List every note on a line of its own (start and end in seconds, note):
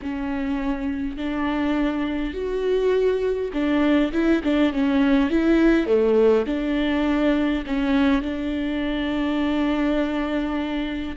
0.02 1.17 C#4
1.17 2.33 D4
2.33 3.51 F#4
3.53 4.12 D4
4.12 4.41 E4
4.43 4.72 D4
4.72 5.29 C#4
5.29 5.86 E4
5.86 6.45 A3
6.46 7.64 D4
7.66 8.21 C#4
8.21 11.16 D4